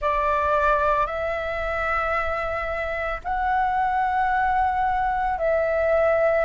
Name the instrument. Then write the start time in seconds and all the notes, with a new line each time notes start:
flute
0.01 D5
1.06 E5
3.24 F#5
5.38 E5